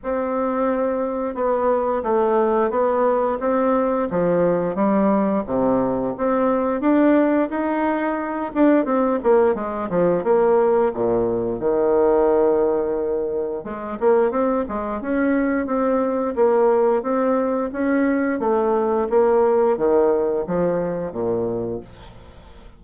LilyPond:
\new Staff \with { instrumentName = "bassoon" } { \time 4/4 \tempo 4 = 88 c'2 b4 a4 | b4 c'4 f4 g4 | c4 c'4 d'4 dis'4~ | dis'8 d'8 c'8 ais8 gis8 f8 ais4 |
ais,4 dis2. | gis8 ais8 c'8 gis8 cis'4 c'4 | ais4 c'4 cis'4 a4 | ais4 dis4 f4 ais,4 | }